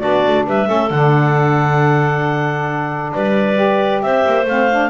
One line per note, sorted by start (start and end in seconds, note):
0.00 0.26 B3
0.00 0.66 D4
0.00 0.45 F#4
0.00 0.44 D5
0.27 0.47 A3
0.46 0.69 G3
0.46 0.68 B4
0.46 0.90 E5
0.66 0.90 A3
0.66 0.89 C#4
0.66 3.12 A4
0.90 3.12 D3
0.90 3.55 D4
0.90 3.12 F#5
3.14 4.03 G3
3.14 4.03 B4
3.14 4.02 D5
3.55 4.44 G4
4.02 4.25 C4
4.02 4.89 C5
4.02 4.46 E5
4.26 4.45 A#3
4.45 4.89 A3
4.45 4.71 C4
4.45 4.89 F5
4.71 4.89 D4